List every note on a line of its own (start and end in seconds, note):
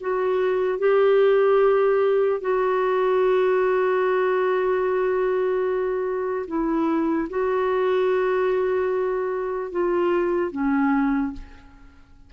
0.00 0.78 F#4
0.78 2.40 G4
2.40 6.46 F#4
6.47 7.28 E4
7.29 9.71 F#4
9.71 10.51 F4
10.51 11.32 C#4